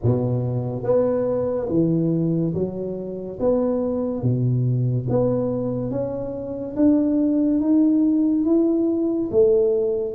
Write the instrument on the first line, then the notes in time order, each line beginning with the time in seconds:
tuba
0.02 B2
0.83 B3
1.69 E3
2.54 F#3
3.39 B3
4.22 B2
5.09 B3
5.90 C#4
6.76 D4
7.60 D#4
8.45 E4
9.31 A3